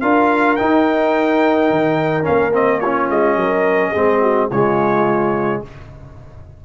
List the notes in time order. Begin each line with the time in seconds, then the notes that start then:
0.00 D4 F4 A#4 F5
0.56 D#4 G5
1.70 D#3
2.23 A#3 C#4 F5
2.53 C4 D#5
2.80 C#4 F4 C#5
3.10 G#3 D#5
3.36 F#3 A#4
3.91 G#3 C4 G#4
4.21 F#4
4.50 C#3 G#3 F4 C#5